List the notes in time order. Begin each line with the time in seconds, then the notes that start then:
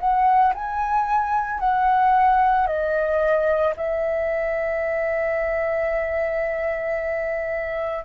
0.00 F#5
0.55 G#5
1.60 F#5
2.67 D#5
3.76 E5